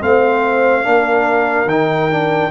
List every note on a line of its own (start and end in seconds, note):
0.00 0.85 A3
0.00 0.83 C4
0.00 0.86 C5
0.00 1.69 F5
0.83 1.65 A#3
0.83 1.66 D4
0.83 2.51 A#4
1.65 2.48 D#3
1.65 2.11 D#4
1.65 2.51 G5
2.11 2.51 D4